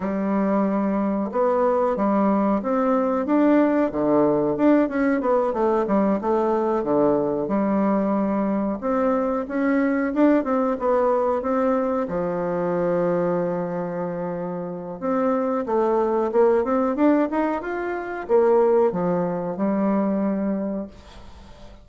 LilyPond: \new Staff \with { instrumentName = "bassoon" } { \time 4/4 \tempo 4 = 92 g2 b4 g4 | c'4 d'4 d4 d'8 cis'8 | b8 a8 g8 a4 d4 g8~ | g4. c'4 cis'4 d'8 |
c'8 b4 c'4 f4.~ | f2. c'4 | a4 ais8 c'8 d'8 dis'8 f'4 | ais4 f4 g2 | }